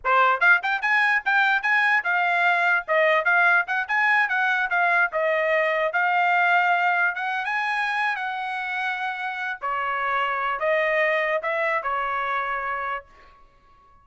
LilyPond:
\new Staff \with { instrumentName = "trumpet" } { \time 4/4 \tempo 4 = 147 c''4 f''8 g''8 gis''4 g''4 | gis''4 f''2 dis''4 | f''4 fis''8 gis''4 fis''4 f''8~ | f''8 dis''2 f''4.~ |
f''4. fis''8. gis''4.~ gis''16 | fis''2.~ fis''8 cis''8~ | cis''2 dis''2 | e''4 cis''2. | }